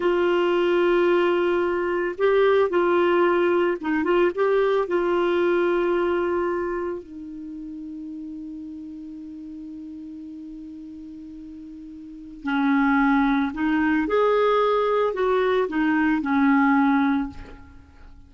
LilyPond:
\new Staff \with { instrumentName = "clarinet" } { \time 4/4 \tempo 4 = 111 f'1 | g'4 f'2 dis'8 f'8 | g'4 f'2.~ | f'4 dis'2.~ |
dis'1~ | dis'2. cis'4~ | cis'4 dis'4 gis'2 | fis'4 dis'4 cis'2 | }